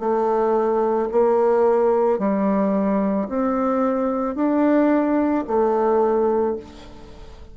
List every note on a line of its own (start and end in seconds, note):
0.00 1.09 A3
1.12 2.19 A#3
2.19 3.28 G3
3.29 4.35 C4
4.35 5.44 D4
5.47 6.57 A3